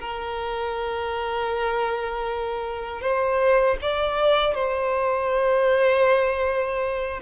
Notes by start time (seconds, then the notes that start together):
0.00 A#4
3.01 C5
3.81 D5
4.54 C5